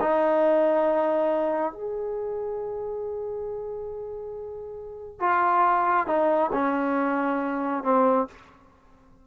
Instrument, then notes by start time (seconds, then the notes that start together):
trombone
0.00 D#4
1.73 G#4
5.20 F4
6.07 D#4
6.53 C#4
7.83 C4